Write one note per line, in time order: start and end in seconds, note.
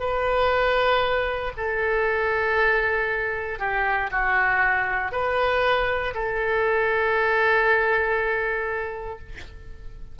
0.00 1.53 B4
1.58 3.60 A4
3.60 4.10 G4
4.11 5.12 F#4
5.12 6.14 B4
6.14 9.19 A4